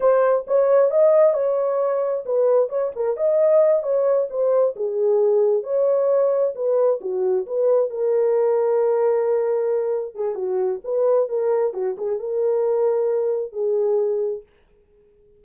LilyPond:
\new Staff \with { instrumentName = "horn" } { \time 4/4 \tempo 4 = 133 c''4 cis''4 dis''4 cis''4~ | cis''4 b'4 cis''8 ais'8 dis''4~ | dis''8 cis''4 c''4 gis'4.~ | gis'8 cis''2 b'4 fis'8~ |
fis'8 b'4 ais'2~ ais'8~ | ais'2~ ais'8 gis'8 fis'4 | b'4 ais'4 fis'8 gis'8 ais'4~ | ais'2 gis'2 | }